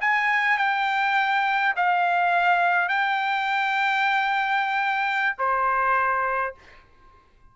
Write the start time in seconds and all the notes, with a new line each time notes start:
0.00 G#5
0.57 G5
1.76 F5
2.88 G5
5.38 C5